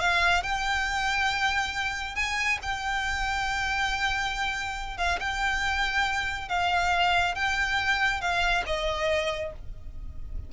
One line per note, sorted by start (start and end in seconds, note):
0.00 0.43 F5
0.43 2.16 G5
2.16 2.59 G#5
2.62 4.98 G5
4.98 5.19 F5
5.20 6.49 G5
6.49 7.35 F5
7.35 8.21 G5
8.21 8.64 F5
8.66 9.53 D#5